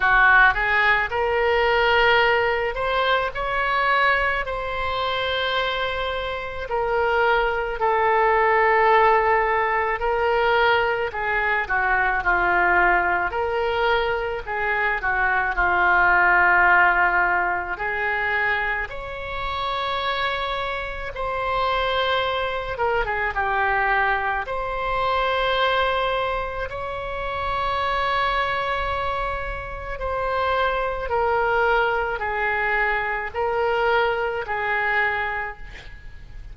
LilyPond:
\new Staff \with { instrumentName = "oboe" } { \time 4/4 \tempo 4 = 54 fis'8 gis'8 ais'4. c''8 cis''4 | c''2 ais'4 a'4~ | a'4 ais'4 gis'8 fis'8 f'4 | ais'4 gis'8 fis'8 f'2 |
gis'4 cis''2 c''4~ | c''8 ais'16 gis'16 g'4 c''2 | cis''2. c''4 | ais'4 gis'4 ais'4 gis'4 | }